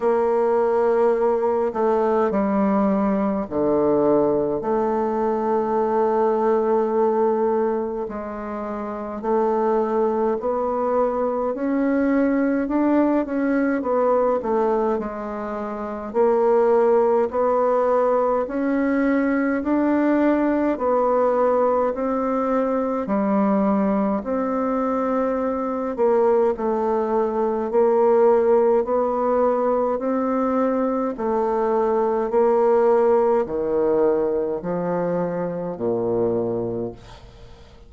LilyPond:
\new Staff \with { instrumentName = "bassoon" } { \time 4/4 \tempo 4 = 52 ais4. a8 g4 d4 | a2. gis4 | a4 b4 cis'4 d'8 cis'8 | b8 a8 gis4 ais4 b4 |
cis'4 d'4 b4 c'4 | g4 c'4. ais8 a4 | ais4 b4 c'4 a4 | ais4 dis4 f4 ais,4 | }